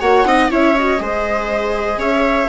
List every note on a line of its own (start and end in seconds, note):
0.00 0.25 A#3
0.00 0.26 F#4
0.00 0.26 C#5
0.00 0.50 F#5
0.25 0.49 C4
0.25 0.50 D#4
0.25 0.51 D#5
0.50 1.00 C#4
0.50 0.75 E4
0.50 1.01 C#5
0.50 0.77 E5
0.78 0.98 F#4
0.78 2.00 D#5
0.98 1.97 G#3
0.98 2.47 G#4
0.98 1.99 C5
1.97 2.47 C#4
1.97 2.48 C#5
1.97 2.48 E5